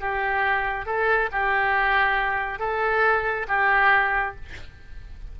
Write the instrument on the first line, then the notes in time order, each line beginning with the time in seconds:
oboe
0.00 G4
0.85 A4
1.32 G4
2.59 A4
3.48 G4